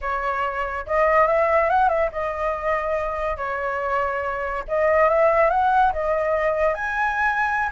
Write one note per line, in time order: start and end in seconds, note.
0.01 0.85 C#5
0.86 1.27 D#5
1.27 1.69 E5
1.69 1.88 F#5
1.88 2.10 E5
2.11 3.36 D#5
3.36 4.63 C#5
4.67 5.09 D#5
5.09 5.50 E5
5.50 5.92 F#5
5.93 6.74 D#5
6.74 7.69 G#5